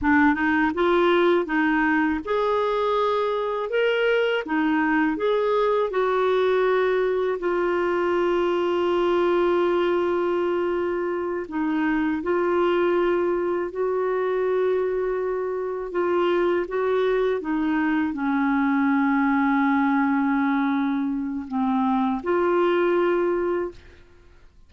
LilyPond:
\new Staff \with { instrumentName = "clarinet" } { \time 4/4 \tempo 4 = 81 d'8 dis'8 f'4 dis'4 gis'4~ | gis'4 ais'4 dis'4 gis'4 | fis'2 f'2~ | f'2.~ f'8 dis'8~ |
dis'8 f'2 fis'4.~ | fis'4. f'4 fis'4 dis'8~ | dis'8 cis'2.~ cis'8~ | cis'4 c'4 f'2 | }